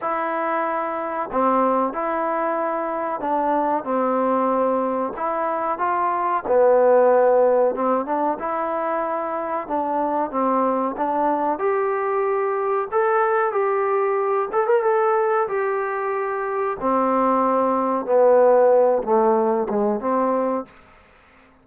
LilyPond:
\new Staff \with { instrumentName = "trombone" } { \time 4/4 \tempo 4 = 93 e'2 c'4 e'4~ | e'4 d'4 c'2 | e'4 f'4 b2 | c'8 d'8 e'2 d'4 |
c'4 d'4 g'2 | a'4 g'4. a'16 ais'16 a'4 | g'2 c'2 | b4. a4 gis8 c'4 | }